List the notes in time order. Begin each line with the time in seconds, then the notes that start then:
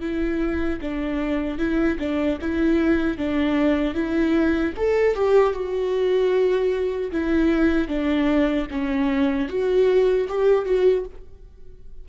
0.00 E4
0.81 D4
1.58 E4
1.99 D4
2.41 E4
3.17 D4
3.94 E4
4.76 A4
5.14 G4
5.53 F#4
7.11 E4
7.88 D4
8.70 C#4
9.48 F#4
10.28 G4
10.65 F#4